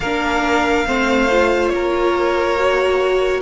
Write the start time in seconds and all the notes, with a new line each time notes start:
0.00 A#3 D4 A#4 F5
0.86 A3 C4 C5
1.30 F4
1.69 A#3 A#4 C#5
2.57 F#4